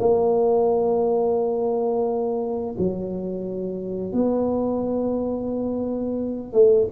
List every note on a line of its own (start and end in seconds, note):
0.00 2.76 A#3
2.79 4.13 F#3
4.13 6.53 B3
6.53 6.88 A3